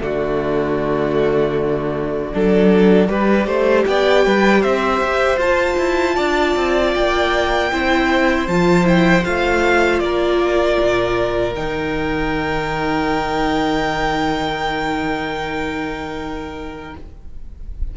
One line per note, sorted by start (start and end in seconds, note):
0.00 2.32 D3
0.00 2.31 A3
0.00 2.34 F#4
0.00 3.85 D5
2.33 3.08 F#3
2.33 3.07 D4
2.33 3.09 A4
3.07 3.46 G3
3.07 5.38 G4
3.07 3.46 B4
3.46 3.84 A3
3.46 3.85 C5
3.85 4.25 B3
3.85 4.25 D5
3.85 4.62 G5
4.25 4.64 G3
4.25 4.61 B4
4.61 5.01 C4
4.61 6.15 C5
4.61 5.39 E5
5.01 5.36 G4
5.36 5.75 F4
5.36 7.72 F4
5.36 6.94 A5
5.77 6.16 E4
6.15 6.55 D4
6.15 7.69 D5
6.55 6.94 C4
6.94 7.72 A#3
6.94 8.47 G5
7.72 8.47 C4
7.72 8.49 E4
7.72 10.03 C5
8.47 9.24 F3
8.47 8.83 F4
8.47 8.85 A5
8.83 9.22 E4
8.83 9.24 G5
9.23 10.00 A3
9.23 11.54 F4
9.23 9.99 F5
9.99 10.77 A#3
9.99 16.96 A#4
9.99 11.53 D5
10.80 11.56 A#2
11.55 16.94 D#3
11.55 16.93 D#4
11.55 16.94 G5